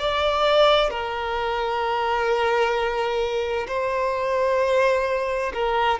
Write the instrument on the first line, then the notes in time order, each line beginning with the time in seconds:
violin
0.00 D5
0.90 A#4
3.68 C5
5.54 A#4